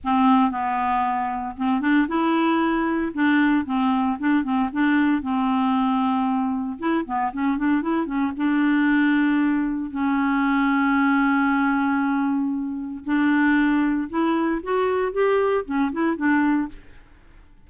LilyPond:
\new Staff \with { instrumentName = "clarinet" } { \time 4/4 \tempo 4 = 115 c'4 b2 c'8 d'8 | e'2 d'4 c'4 | d'8 c'8 d'4 c'2~ | c'4 e'8 b8 cis'8 d'8 e'8 cis'8 |
d'2. cis'4~ | cis'1~ | cis'4 d'2 e'4 | fis'4 g'4 cis'8 e'8 d'4 | }